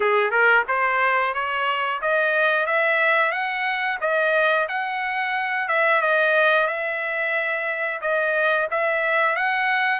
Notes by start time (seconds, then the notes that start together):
0.00 G#4
0.30 A#4
0.68 C5
1.34 C#5
2.02 D#5
2.66 E5
3.31 F#5
4.01 D#5
4.68 F#5
5.68 E5
6.02 D#5
6.67 E5
8.01 D#5
8.71 E5
9.35 F#5